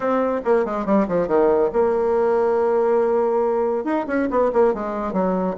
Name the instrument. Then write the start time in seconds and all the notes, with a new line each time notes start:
bassoon
0.00 C4
0.45 A#3
0.65 G#3
0.85 G3
1.08 F3
1.27 D#3
1.72 A#3
3.84 D#4
4.07 C#4
4.30 B3
4.53 A#3
4.74 G#3
5.12 F#3